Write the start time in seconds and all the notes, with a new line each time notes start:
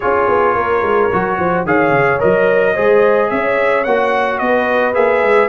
0.00 C#4 F4 G#4 C#5
0.27 B3
0.54 A#3 A#4
0.82 G#3
1.12 F#3 F#4
1.37 F3 C5
1.65 D#3 G#4 C#5 F5
1.91 C#3
2.19 F#3 A#4 D#5
2.74 G#3 G#4 C5
3.29 C#4 C#5 E5
3.83 A#3 F#4 F#5
4.38 B3 B4 D#5
4.94 A#3 G#4 E5
5.22 G#3